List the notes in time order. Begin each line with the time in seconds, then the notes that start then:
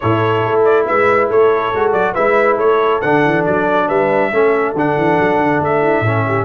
0.00 A2 E4 A4 C#5
0.45 A3
0.64 D5
0.86 G#3 B4 E5
1.29 A3 A4 C#5
1.74 G#3 F#4
1.92 F#3 D5
2.13 G#3 E4 B4 E5
2.56 A3 A4 C#5
3.01 D3 D4 F#5
3.25 E3
3.45 F#3 D5
3.87 G3 B4 E5
4.31 A3 C#4 A4
4.73 D3 D4 F#5
4.97 E3
5.19 F#3
5.37 D3
5.59 A3 E5
5.81 E4
6.00 A2 C#4 A4
6.27 G4